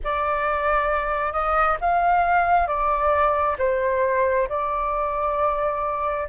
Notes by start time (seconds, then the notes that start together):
0.04 D5
1.32 D#5
1.80 F5
2.67 D5
3.58 C5
4.48 D5